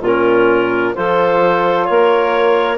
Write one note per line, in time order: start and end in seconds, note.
0.00 0.92 A#2
0.00 0.95 C#4
0.00 0.94 F4
0.00 0.95 A#4
0.95 1.89 F3
0.95 2.78 F4
0.95 1.89 A4
0.95 1.85 C5
1.85 2.78 A#3
1.85 2.78 A#4
1.85 2.77 C#5